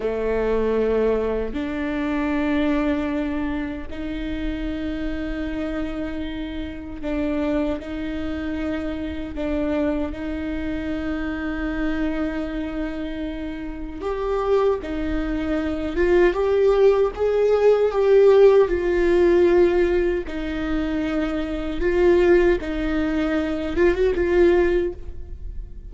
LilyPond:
\new Staff \with { instrumentName = "viola" } { \time 4/4 \tempo 4 = 77 a2 d'2~ | d'4 dis'2.~ | dis'4 d'4 dis'2 | d'4 dis'2.~ |
dis'2 g'4 dis'4~ | dis'8 f'8 g'4 gis'4 g'4 | f'2 dis'2 | f'4 dis'4. f'16 fis'16 f'4 | }